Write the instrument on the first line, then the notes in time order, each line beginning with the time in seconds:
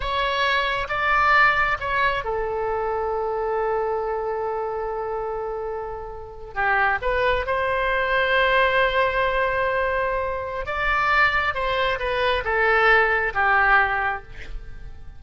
oboe
0.00 C#5
0.88 D5
1.80 C#5
2.24 A4
6.54 G4
7.01 B4
7.46 C5
10.65 D5
11.54 C5
11.99 B4
12.44 A4
13.33 G4